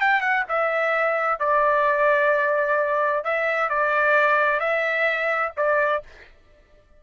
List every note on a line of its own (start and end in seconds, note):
0.00 0.21 G5
0.21 0.44 F#5
0.48 1.39 E5
1.39 3.24 D5
3.24 3.69 E5
3.69 4.59 D5
4.59 5.52 E5
5.57 6.03 D5